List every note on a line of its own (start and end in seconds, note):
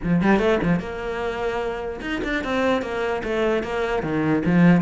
0.03 0.21 F3
0.21 0.38 G3
0.38 0.58 A3
0.62 0.79 F3
0.79 2.00 A#3
2.01 2.21 D#4
2.23 2.44 D4
2.44 2.82 C4
2.82 3.22 A#3
3.23 3.63 A3
3.63 4.02 A#3
4.02 4.43 D#3
4.45 4.81 F3